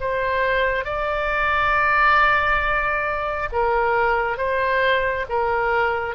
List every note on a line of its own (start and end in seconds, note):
0.00 0.84 C5
0.84 3.49 D5
3.52 4.37 A#4
4.37 5.25 C5
5.29 6.15 A#4